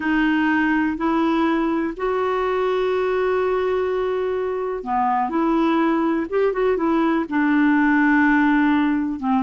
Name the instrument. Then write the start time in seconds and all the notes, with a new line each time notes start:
clarinet
0.00 D#4
0.97 E4
1.96 F#4
4.83 B3
5.29 E4
6.29 G4
6.52 F#4
6.77 E4
7.29 D4
9.19 C4